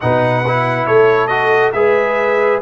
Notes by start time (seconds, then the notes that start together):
0.00 B2 D#4 B4 F#5
0.46 E4
0.86 A3 A4 C#5
1.27 F#4 D#5
1.72 G#3 G#4 B4 E5